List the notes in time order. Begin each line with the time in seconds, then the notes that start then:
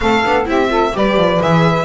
0.00 A3 C4 A4 F5
0.24 B3 D4
0.44 C4 E4 G4 E5
0.68 F4 A4
0.92 G3 G4 B4 D5
1.16 F3
1.41 E3 G#4 E5